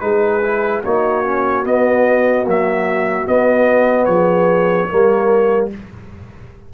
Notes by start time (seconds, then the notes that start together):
0.00 G#3 D#4 G#4 B4
0.42 E4
0.83 A#3 D#4 F#4 C#5
1.24 C#4
1.63 B3 D#5
2.44 F#3 A#3 E5
3.26 B3 D#5
4.05 F3 G#4 C#5
4.87 G3 A#3 A#4